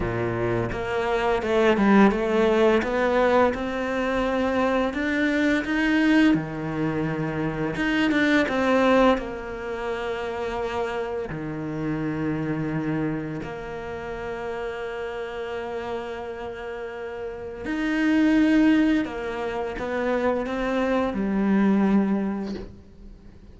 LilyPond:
\new Staff \with { instrumentName = "cello" } { \time 4/4 \tempo 4 = 85 ais,4 ais4 a8 g8 a4 | b4 c'2 d'4 | dis'4 dis2 dis'8 d'8 | c'4 ais2. |
dis2. ais4~ | ais1~ | ais4 dis'2 ais4 | b4 c'4 g2 | }